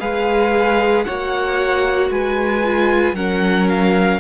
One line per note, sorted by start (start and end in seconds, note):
0.00 1.06 G#3
0.00 1.05 G#4
0.00 1.05 B4
0.00 1.04 F5
1.04 2.10 A#3
1.04 2.63 F#4
1.04 2.11 C#5
1.04 2.09 F#5
2.10 3.12 G#3
2.10 3.15 B4
2.10 3.15 G#5
2.63 3.16 F4
3.12 4.18 F#3
3.12 4.20 C#4
3.12 4.20 A#4
3.12 3.68 F#5
3.69 4.20 F5